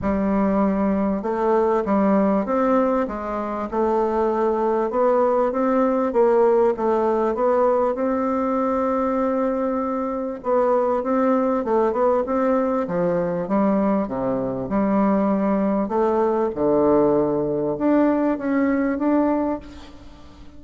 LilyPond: \new Staff \with { instrumentName = "bassoon" } { \time 4/4 \tempo 4 = 98 g2 a4 g4 | c'4 gis4 a2 | b4 c'4 ais4 a4 | b4 c'2.~ |
c'4 b4 c'4 a8 b8 | c'4 f4 g4 c4 | g2 a4 d4~ | d4 d'4 cis'4 d'4 | }